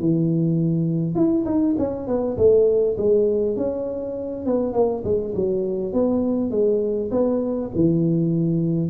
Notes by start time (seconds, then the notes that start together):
0.00 E3
1.15 E4
1.46 D#4
1.78 C#4
2.07 B3
2.37 A3
2.97 G#3
3.56 C#4
4.46 B3
4.73 A#3
5.04 G#3
5.35 F#3
5.93 B3
6.50 G#3
7.11 B3
7.75 E3